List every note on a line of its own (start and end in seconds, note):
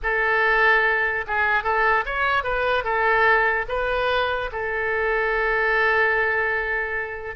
0.02 1.25 A4
1.27 1.63 G#4
1.63 2.04 A4
2.05 2.43 C#5
2.43 2.84 B4
2.84 3.65 A4
3.68 4.50 B4
4.52 7.35 A4